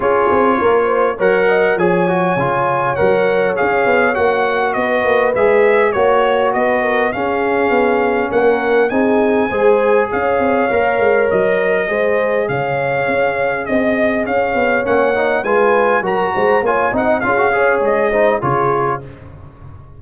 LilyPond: <<
  \new Staff \with { instrumentName = "trumpet" } { \time 4/4 \tempo 4 = 101 cis''2 fis''4 gis''4~ | gis''4 fis''4 f''4 fis''4 | dis''4 e''4 cis''4 dis''4 | f''2 fis''4 gis''4~ |
gis''4 f''2 dis''4~ | dis''4 f''2 dis''4 | f''4 fis''4 gis''4 ais''4 | gis''8 fis''8 f''4 dis''4 cis''4 | }
  \new Staff \with { instrumentName = "horn" } { \time 4/4 gis'4 ais'8 c''8 cis''8 dis''8 cis''4~ | cis''1 | b'2 cis''4 b'8 ais'8 | gis'2 ais'4 gis'4 |
c''4 cis''2. | c''4 cis''2 dis''4 | cis''2 b'4 ais'8 c''8 | cis''8 dis''8 gis'8 cis''4 c''8 gis'4 | }
  \new Staff \with { instrumentName = "trombone" } { \time 4/4 f'2 ais'4 gis'8 fis'8 | f'4 ais'4 gis'4 fis'4~ | fis'4 gis'4 fis'2 | cis'2. dis'4 |
gis'2 ais'2 | gis'1~ | gis'4 cis'8 dis'8 f'4 fis'4 | f'8 dis'8 f'16 fis'16 gis'4 dis'8 f'4 | }
  \new Staff \with { instrumentName = "tuba" } { \time 4/4 cis'8 c'8 ais4 fis4 f4 | cis4 fis4 cis'8 b8 ais4 | b8 ais8 gis4 ais4 b4 | cis'4 b4 ais4 c'4 |
gis4 cis'8 c'8 ais8 gis8 fis4 | gis4 cis4 cis'4 c'4 | cis'8 b8 ais4 gis4 fis8 gis8 | ais8 c'8 cis'4 gis4 cis4 | }
>>